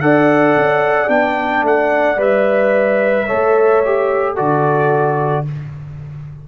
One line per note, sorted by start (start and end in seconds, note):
0.00 0.56 D4
0.00 1.07 A4
0.00 3.26 D5
0.00 1.09 F#5
0.56 1.08 C#4
1.07 1.62 B3
1.07 2.17 D4
1.07 1.64 G5
1.62 2.17 A3
1.62 2.21 F#5
2.17 3.26 G3
2.17 3.26 B4
2.17 4.37 E5
3.26 4.39 A3
3.26 3.83 A4
3.26 4.35 C#5
3.85 4.36 G4
4.35 5.48 D3
4.35 5.45 F#4
4.35 5.44 A4
4.35 5.46 D5